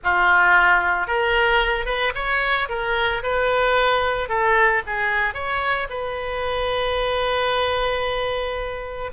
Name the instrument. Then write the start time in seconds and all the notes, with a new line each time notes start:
oboe
0.03 F4
1.07 A#4
1.85 B4
2.15 C#5
2.68 A#4
3.23 B4
4.29 A4
4.86 G#4
5.34 C#5
5.89 B4